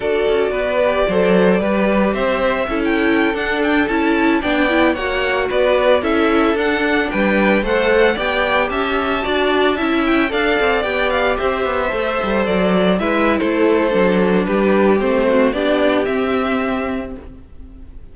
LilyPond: <<
  \new Staff \with { instrumentName = "violin" } { \time 4/4 \tempo 4 = 112 d''1 | e''4~ e''16 g''4 fis''8 g''8 a''8.~ | a''16 g''4 fis''4 d''4 e''8.~ | e''16 fis''4 g''4 fis''4 g''8.~ |
g''16 a''2~ a''8 g''8 f''8.~ | f''16 g''8 f''8 e''2 d''8.~ | d''16 e''8. c''2 b'4 | c''4 d''4 e''2 | }
  \new Staff \with { instrumentName = "violin" } { \time 4/4 a'4 b'4 c''4 b'4 | c''4 a'2.~ | a'16 d''4 cis''4 b'4 a'8.~ | a'4~ a'16 b'4 c''4 d''8.~ |
d''16 e''4 d''4 e''4 d''8.~ | d''4~ d''16 c''2~ c''8.~ | c''16 b'8. a'2 g'4~ | g'8 fis'8 g'2. | }
  \new Staff \with { instrumentName = "viola" } { \time 4/4 fis'4. g'8 a'4 g'4~ | g'4 e'4~ e'16 d'4 e'8.~ | e'16 d'8 e'8 fis'2 e'8.~ | e'16 d'2 a'4 g'8.~ |
g'4~ g'16 fis'4 e'4 a'8.~ | a'16 g'2 a'4.~ a'16~ | a'16 e'4.~ e'16 d'2 | c'4 d'4 c'2 | }
  \new Staff \with { instrumentName = "cello" } { \time 4/4 d'8 cis'8 b4 fis4 g4 | c'4 cis'4~ cis'16 d'4 cis'8.~ | cis'16 b4 ais4 b4 cis'8.~ | cis'16 d'4 g4 a4 b8.~ |
b16 cis'4 d'4 cis'4 d'8 c'16~ | c'16 b4 c'8 b8 a8 g8 fis8.~ | fis16 gis8. a4 fis4 g4 | a4 b4 c'2 | }
>>